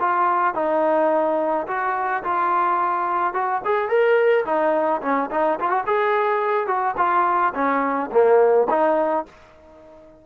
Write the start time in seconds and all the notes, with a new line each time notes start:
0.00 F4
0.55 D#4
1.67 F#4
2.24 F4
3.34 F#4
3.65 G#4
3.89 A#4
4.45 D#4
5.02 C#4
5.31 D#4
5.60 F4
5.70 F#4
5.86 G#4
6.67 F#4
6.97 F4
7.55 C#4
8.12 A#3
8.70 D#4